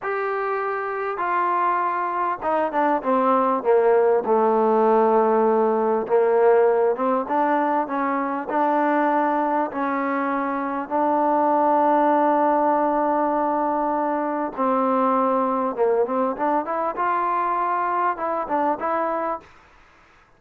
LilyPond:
\new Staff \with { instrumentName = "trombone" } { \time 4/4 \tempo 4 = 99 g'2 f'2 | dis'8 d'8 c'4 ais4 a4~ | a2 ais4. c'8 | d'4 cis'4 d'2 |
cis'2 d'2~ | d'1 | c'2 ais8 c'8 d'8 e'8 | f'2 e'8 d'8 e'4 | }